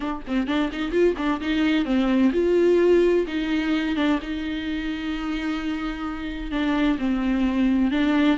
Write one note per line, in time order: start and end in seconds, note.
0.00 0.22 D4
0.27 0.47 C4
0.47 0.70 D4
0.72 0.91 D#4
0.91 1.15 F4
1.17 1.40 D4
1.40 1.85 D#4
1.85 2.31 C4
2.33 3.26 F4
3.27 3.95 D#4
3.95 4.19 D4
4.22 6.51 D#4
6.51 6.97 D4
6.98 7.91 C4
7.91 8.37 D4